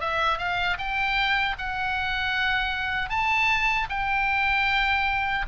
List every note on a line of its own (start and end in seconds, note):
0.00 0.38 E5
0.38 0.77 F5
0.78 1.56 G5
1.58 3.09 F#5
3.09 3.87 A5
3.90 5.45 G5